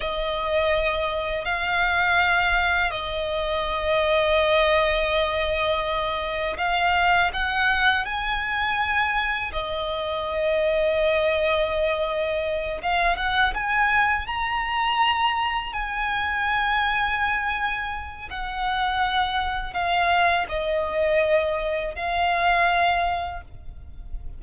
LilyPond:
\new Staff \with { instrumentName = "violin" } { \time 4/4 \tempo 4 = 82 dis''2 f''2 | dis''1~ | dis''4 f''4 fis''4 gis''4~ | gis''4 dis''2.~ |
dis''4. f''8 fis''8 gis''4 ais''8~ | ais''4. gis''2~ gis''8~ | gis''4 fis''2 f''4 | dis''2 f''2 | }